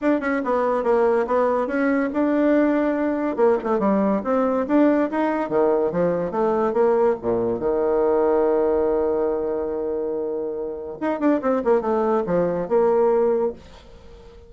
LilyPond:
\new Staff \with { instrumentName = "bassoon" } { \time 4/4 \tempo 4 = 142 d'8 cis'8 b4 ais4 b4 | cis'4 d'2. | ais8 a8 g4 c'4 d'4 | dis'4 dis4 f4 a4 |
ais4 ais,4 dis2~ | dis1~ | dis2 dis'8 d'8 c'8 ais8 | a4 f4 ais2 | }